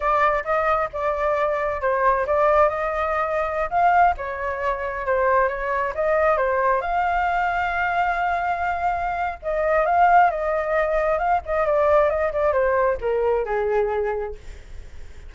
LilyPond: \new Staff \with { instrumentName = "flute" } { \time 4/4 \tempo 4 = 134 d''4 dis''4 d''2 | c''4 d''4 dis''2~ | dis''16 f''4 cis''2 c''8.~ | c''16 cis''4 dis''4 c''4 f''8.~ |
f''1~ | f''4 dis''4 f''4 dis''4~ | dis''4 f''8 dis''8 d''4 dis''8 d''8 | c''4 ais'4 gis'2 | }